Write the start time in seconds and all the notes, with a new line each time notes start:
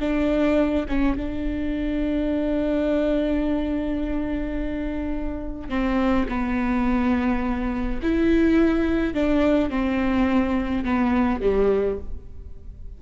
0.00 D4
0.88 C#4
1.17 D4
5.69 C4
6.29 B3
8.02 E4
9.14 D4
9.70 C4
10.84 B3
11.41 G3